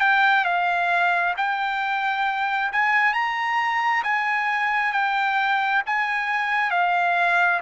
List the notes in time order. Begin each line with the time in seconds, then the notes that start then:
0.00 G5
0.44 F5
1.37 G5
2.72 G#5
3.13 A#5
4.03 G#5
4.92 G5
5.86 G#5
6.70 F5